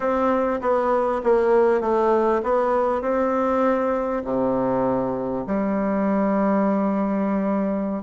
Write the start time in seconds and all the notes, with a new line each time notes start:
0.00 C4
0.61 B3
1.23 A#3
1.80 A3
2.43 B3
3.01 C4
4.24 C3
5.47 G3